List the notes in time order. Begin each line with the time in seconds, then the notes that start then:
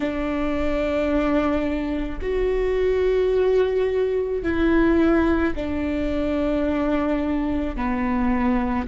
0.00 D4
2.21 F#4
4.42 E4
5.55 D4
7.76 B3